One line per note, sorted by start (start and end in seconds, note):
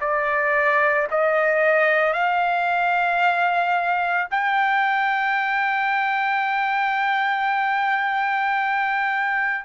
0.00 1.07 D5
1.11 2.13 D#5
2.13 4.27 F5
4.31 9.64 G5